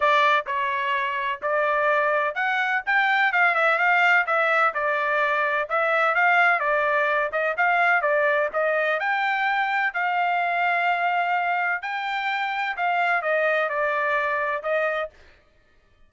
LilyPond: \new Staff \with { instrumentName = "trumpet" } { \time 4/4 \tempo 4 = 127 d''4 cis''2 d''4~ | d''4 fis''4 g''4 f''8 e''8 | f''4 e''4 d''2 | e''4 f''4 d''4. dis''8 |
f''4 d''4 dis''4 g''4~ | g''4 f''2.~ | f''4 g''2 f''4 | dis''4 d''2 dis''4 | }